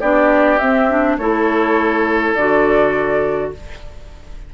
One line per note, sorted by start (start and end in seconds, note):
0.00 0.59 B3
0.00 0.59 D4
0.00 1.17 G4
0.00 0.58 D5
0.58 0.89 C4
0.58 1.18 C4
0.58 1.16 E5
0.89 1.19 D4
1.17 2.34 A3
1.17 2.36 E4
1.17 3.52 A4
1.17 2.34 C#5
2.34 3.52 D3
2.34 3.54 F#4
2.34 3.50 D5